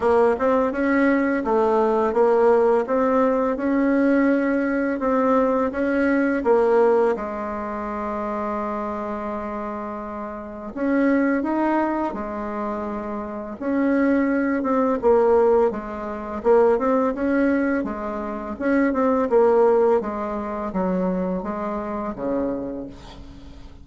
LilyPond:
\new Staff \with { instrumentName = "bassoon" } { \time 4/4 \tempo 4 = 84 ais8 c'8 cis'4 a4 ais4 | c'4 cis'2 c'4 | cis'4 ais4 gis2~ | gis2. cis'4 |
dis'4 gis2 cis'4~ | cis'8 c'8 ais4 gis4 ais8 c'8 | cis'4 gis4 cis'8 c'8 ais4 | gis4 fis4 gis4 cis4 | }